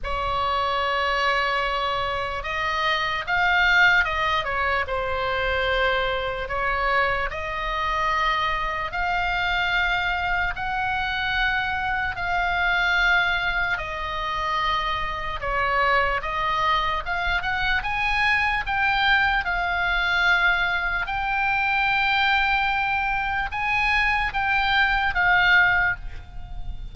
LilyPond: \new Staff \with { instrumentName = "oboe" } { \time 4/4 \tempo 4 = 74 cis''2. dis''4 | f''4 dis''8 cis''8 c''2 | cis''4 dis''2 f''4~ | f''4 fis''2 f''4~ |
f''4 dis''2 cis''4 | dis''4 f''8 fis''8 gis''4 g''4 | f''2 g''2~ | g''4 gis''4 g''4 f''4 | }